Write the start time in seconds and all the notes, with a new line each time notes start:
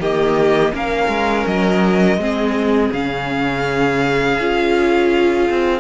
0.00 D#3 A#3 G4 D#5
0.73 A#3 C#4 A#4 F5
1.09 G#3
1.47 F#3 D#5
2.18 G#3 C4 G#4
2.93 C#3 C#4 F5
4.40 C#4 F4
5.50 C4